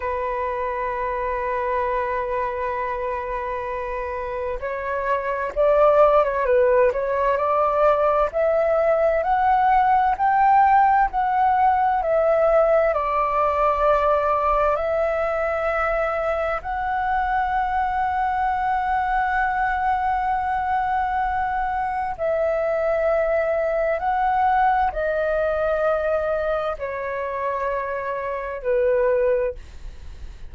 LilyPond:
\new Staff \with { instrumentName = "flute" } { \time 4/4 \tempo 4 = 65 b'1~ | b'4 cis''4 d''8. cis''16 b'8 cis''8 | d''4 e''4 fis''4 g''4 | fis''4 e''4 d''2 |
e''2 fis''2~ | fis''1 | e''2 fis''4 dis''4~ | dis''4 cis''2 b'4 | }